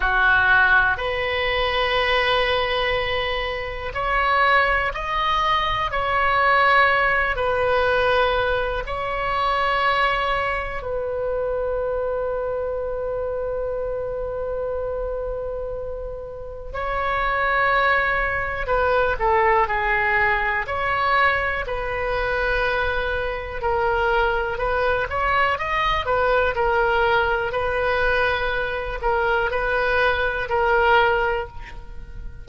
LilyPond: \new Staff \with { instrumentName = "oboe" } { \time 4/4 \tempo 4 = 61 fis'4 b'2. | cis''4 dis''4 cis''4. b'8~ | b'4 cis''2 b'4~ | b'1~ |
b'4 cis''2 b'8 a'8 | gis'4 cis''4 b'2 | ais'4 b'8 cis''8 dis''8 b'8 ais'4 | b'4. ais'8 b'4 ais'4 | }